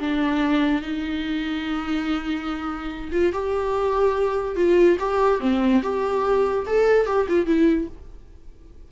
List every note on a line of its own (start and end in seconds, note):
0.00 0.82 D4
0.82 3.11 D#4
3.12 3.33 F4
3.33 4.56 G4
4.56 4.98 F4
5.00 5.40 G4
5.40 5.82 C4
5.83 6.66 G4
6.67 7.06 A4
7.06 7.27 G4
7.29 7.46 F4
7.46 7.88 E4